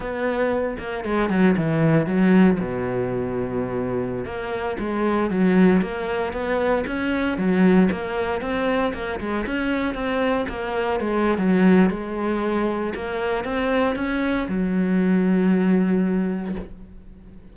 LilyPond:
\new Staff \with { instrumentName = "cello" } { \time 4/4 \tempo 4 = 116 b4. ais8 gis8 fis8 e4 | fis4 b,2.~ | b,16 ais4 gis4 fis4 ais8.~ | ais16 b4 cis'4 fis4 ais8.~ |
ais16 c'4 ais8 gis8 cis'4 c'8.~ | c'16 ais4 gis8. fis4 gis4~ | gis4 ais4 c'4 cis'4 | fis1 | }